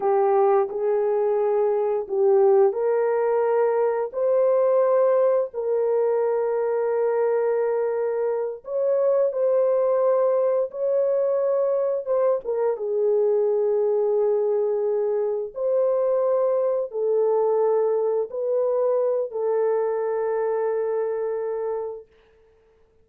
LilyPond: \new Staff \with { instrumentName = "horn" } { \time 4/4 \tempo 4 = 87 g'4 gis'2 g'4 | ais'2 c''2 | ais'1~ | ais'8 cis''4 c''2 cis''8~ |
cis''4. c''8 ais'8 gis'4.~ | gis'2~ gis'8 c''4.~ | c''8 a'2 b'4. | a'1 | }